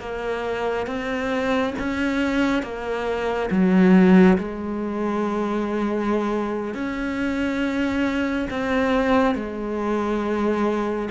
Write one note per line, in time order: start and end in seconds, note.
0.00 0.87 A#3
0.87 1.74 C4
1.79 2.62 C#4
2.62 3.49 A#3
3.51 4.38 F#3
4.38 6.74 G#3
6.74 8.48 C#4
8.50 9.35 C4
9.35 11.09 G#3